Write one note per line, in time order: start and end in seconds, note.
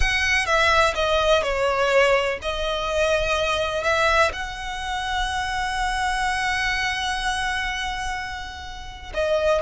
0.00 0.46 F#5
0.46 0.94 E5
0.94 1.42 D#5
1.42 2.38 C#5
2.42 3.83 D#5
3.83 4.31 E5
4.32 9.12 F#5
9.14 9.61 D#5